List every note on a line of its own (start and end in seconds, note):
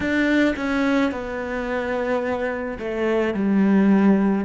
0.00 0.54 D4
0.56 1.11 C#4
1.11 2.78 B3
2.78 3.33 A3
3.33 4.44 G3